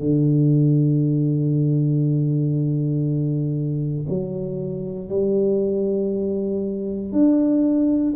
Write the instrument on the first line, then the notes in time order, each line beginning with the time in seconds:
tuba
0.00 D3
4.09 F#3
5.09 G3
7.12 D4